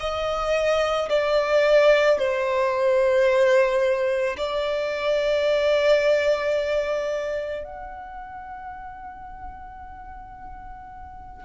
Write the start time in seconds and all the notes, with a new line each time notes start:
0.00 D#5
1.10 D5
2.19 C5
4.38 D5
7.65 F#5